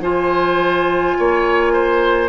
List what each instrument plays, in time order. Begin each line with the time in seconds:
0.00 bassoon F3, clarinet F4, oboe C5, flute G#5
1.19 bassoon A#3, oboe C#5
1.73 oboe C5